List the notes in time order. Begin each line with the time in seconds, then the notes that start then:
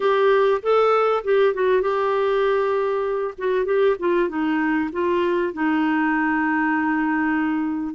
0.00 G4
0.62 A4
1.24 G4
1.53 F#4
1.81 G4
3.38 F#4
3.65 G4
3.99 F4
4.28 D#4
4.92 F4
5.53 D#4